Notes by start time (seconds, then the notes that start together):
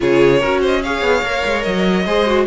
0.00 C#3 F4 G#4 C#5
0.39 C#4 F#4 A#4
0.60 C5 D#5
0.83 G#4 C#5 F5
1.01 B3
1.22 A#3 A#4
1.45 G#3
1.62 F#3 D#5
2.05 G#3 G#4 C5
2.26 F#4